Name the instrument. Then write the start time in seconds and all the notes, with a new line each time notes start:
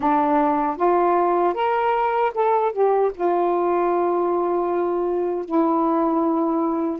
saxophone
0.00 D4
0.77 F4
1.54 A#4
2.34 A4
2.72 G4
3.14 F4
5.45 E4